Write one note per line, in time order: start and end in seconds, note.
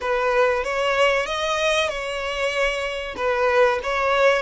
0.01 0.64 B4
0.64 1.25 C#5
1.25 1.89 D#5
1.89 3.15 C#5
3.16 3.79 B4
3.83 4.42 C#5